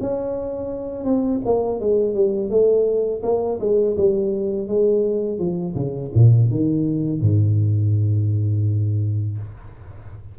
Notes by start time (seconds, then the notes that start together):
0.00 C#4
1.04 C4
1.45 A#3
1.80 G#3
2.14 G3
2.50 A3
3.23 A#3
3.60 G#3
3.97 G3
4.68 G#3
5.39 F3
5.75 C#3
6.14 A#2
6.50 D#3
7.21 G#2